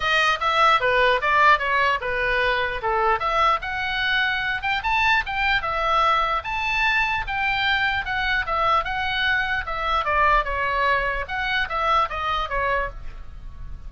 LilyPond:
\new Staff \with { instrumentName = "oboe" } { \time 4/4 \tempo 4 = 149 dis''4 e''4 b'4 d''4 | cis''4 b'2 a'4 | e''4 fis''2~ fis''8 g''8 | a''4 g''4 e''2 |
a''2 g''2 | fis''4 e''4 fis''2 | e''4 d''4 cis''2 | fis''4 e''4 dis''4 cis''4 | }